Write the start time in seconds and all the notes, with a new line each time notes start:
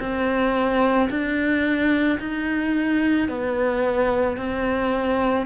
0.00 C4
1.10 D4
2.19 D#4
3.28 B3
4.37 C4